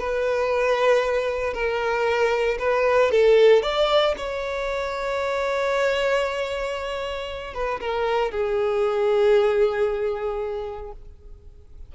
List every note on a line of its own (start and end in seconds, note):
0.00 1.54 B4
1.54 2.58 A#4
2.59 3.12 B4
3.12 3.63 A4
3.63 4.15 D5
4.18 7.55 C#5
7.55 7.81 B4
7.81 8.31 A#4
8.31 10.92 G#4